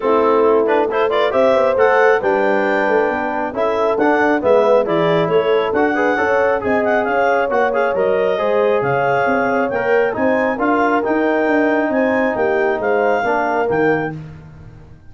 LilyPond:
<<
  \new Staff \with { instrumentName = "clarinet" } { \time 4/4 \tempo 4 = 136 a'4. b'8 c''8 d''8 e''4 | fis''4 g''2. | e''4 fis''4 e''4 d''4 | cis''4 fis''2 gis''8 fis''8 |
f''4 fis''8 f''8 dis''2 | f''2 g''4 gis''4 | f''4 g''2 gis''4 | g''4 f''2 g''4 | }
  \new Staff \with { instrumentName = "horn" } { \time 4/4 e'2 a'8 b'8 c''4~ | c''4 b'2. | a'2 b'4 gis'4 | a'4. b'8 cis''4 dis''4 |
cis''2. c''4 | cis''2. c''4 | ais'2. c''4 | g'4 c''4 ais'2 | }
  \new Staff \with { instrumentName = "trombone" } { \time 4/4 c'4. d'8 e'8 f'8 g'4 | a'4 d'2. | e'4 d'4 b4 e'4~ | e'4 fis'8 gis'8 a'4 gis'4~ |
gis'4 fis'8 gis'8 ais'4 gis'4~ | gis'2 ais'4 dis'4 | f'4 dis'2.~ | dis'2 d'4 ais4 | }
  \new Staff \with { instrumentName = "tuba" } { \time 4/4 a2. c'8 b8 | a4 g4. a8 b4 | cis'4 d'4 gis4 e4 | a4 d'4 cis'4 c'4 |
cis'4 ais4 fis4 gis4 | cis4 c'4 ais4 c'4 | d'4 dis'4 d'4 c'4 | ais4 gis4 ais4 dis4 | }
>>